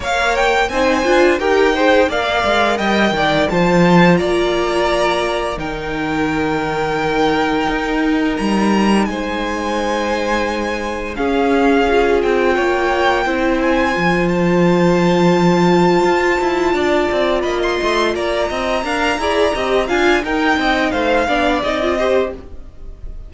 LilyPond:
<<
  \new Staff \with { instrumentName = "violin" } { \time 4/4 \tempo 4 = 86 f''8 g''8 gis''4 g''4 f''4 | g''4 a''4 ais''2 | g''1 | ais''4 gis''2. |
f''4. g''2 gis''8~ | gis''8 a''2.~ a''8~ | a''4 b''16 c'''8. ais''2~ | ais''8 gis''8 g''4 f''4 dis''4 | }
  \new Staff \with { instrumentName = "violin" } { \time 4/4 cis''4 c''4 ais'8 c''8 d''4 | dis''8 d''8 c''4 d''2 | ais'1~ | ais'4 c''2. |
gis'2 cis''4 c''4~ | c''1 | d''4 dis''4 d''8 dis''8 f''8 d''8 | dis''8 f''8 ais'8 dis''8 c''8 d''4 c''8 | }
  \new Staff \with { instrumentName = "viola" } { \time 4/4 ais'4 dis'8 f'8 g'8 gis'8 ais'4~ | ais'4 f'2. | dis'1~ | dis'1 |
cis'4 f'2 e'4 | f'1~ | f'2. ais'8 gis'8 | g'8 f'8 dis'4. d'8 dis'16 f'16 g'8 | }
  \new Staff \with { instrumentName = "cello" } { \time 4/4 ais4 c'8 d'8 dis'4 ais8 gis8 | g8 dis8 f4 ais2 | dis2. dis'4 | g4 gis2. |
cis'4. c'8 ais4 c'4 | f2. f'8 e'8 | d'8 c'8 ais8 a8 ais8 c'8 d'8 e'8 | c'8 d'8 dis'8 c'8 a8 b8 c'4 | }
>>